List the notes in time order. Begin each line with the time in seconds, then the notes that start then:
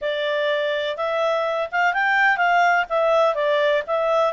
0.01 D5
0.96 E5
1.71 F5
1.93 G5
2.37 F5
2.89 E5
3.34 D5
3.86 E5